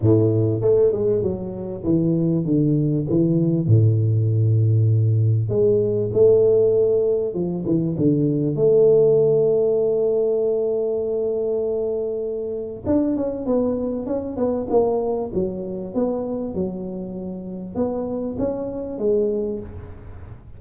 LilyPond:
\new Staff \with { instrumentName = "tuba" } { \time 4/4 \tempo 4 = 98 a,4 a8 gis8 fis4 e4 | d4 e4 a,2~ | a,4 gis4 a2 | f8 e8 d4 a2~ |
a1~ | a4 d'8 cis'8 b4 cis'8 b8 | ais4 fis4 b4 fis4~ | fis4 b4 cis'4 gis4 | }